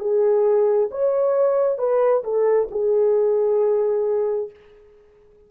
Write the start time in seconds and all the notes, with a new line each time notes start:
0.00 G#4
0.91 C#5
1.79 B4
2.24 A4
2.72 G#4